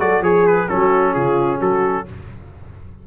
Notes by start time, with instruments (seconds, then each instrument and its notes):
0.00 tuba F#3, trombone F#4, horn A4, trumpet D5
0.21 tuba F3, horn G#4, trombone G#4, trumpet C#5
0.47 trumpet B4
0.69 tuba F#3, trombone C#4, horn F#4, trumpet A4
1.14 tuba C#3, horn F4, trumpet G#4
1.60 tuba F#3, horn F#4, trumpet A4